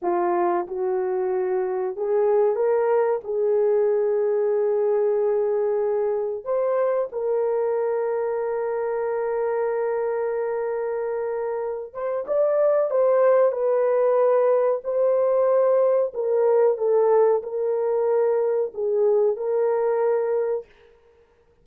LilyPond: \new Staff \with { instrumentName = "horn" } { \time 4/4 \tempo 4 = 93 f'4 fis'2 gis'4 | ais'4 gis'2.~ | gis'2 c''4 ais'4~ | ais'1~ |
ais'2~ ais'8 c''8 d''4 | c''4 b'2 c''4~ | c''4 ais'4 a'4 ais'4~ | ais'4 gis'4 ais'2 | }